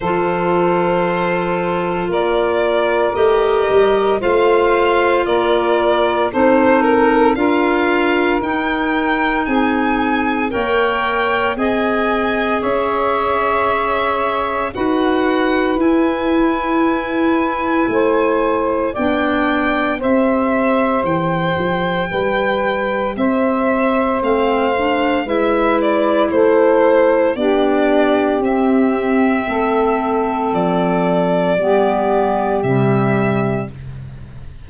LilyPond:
<<
  \new Staff \with { instrumentName = "violin" } { \time 4/4 \tempo 4 = 57 c''2 d''4 dis''4 | f''4 d''4 c''8 ais'8 f''4 | g''4 gis''4 g''4 gis''4 | e''2 fis''4 gis''4~ |
gis''2 g''4 e''4 | g''2 e''4 f''4 | e''8 d''8 c''4 d''4 e''4~ | e''4 d''2 e''4 | }
  \new Staff \with { instrumentName = "saxophone" } { \time 4/4 a'2 ais'2 | c''4 ais'4 a'4 ais'4~ | ais'4 gis'4 cis''4 dis''4 | cis''2 b'2~ |
b'4 c''4 d''4 c''4~ | c''4 b'4 c''2 | b'4 a'4 g'2 | a'2 g'2 | }
  \new Staff \with { instrumentName = "clarinet" } { \time 4/4 f'2. g'4 | f'2 dis'4 f'4 | dis'2 ais'4 gis'4~ | gis'2 fis'4 e'4~ |
e'2 d'4 g'4~ | g'2. c'8 d'8 | e'2 d'4 c'4~ | c'2 b4 g4 | }
  \new Staff \with { instrumentName = "tuba" } { \time 4/4 f2 ais4 a8 g8 | a4 ais4 c'4 d'4 | dis'4 c'4 ais4 c'4 | cis'2 dis'4 e'4~ |
e'4 a4 b4 c'4 | e8 f8 g4 c'4 a4 | gis4 a4 b4 c'4 | a4 f4 g4 c4 | }
>>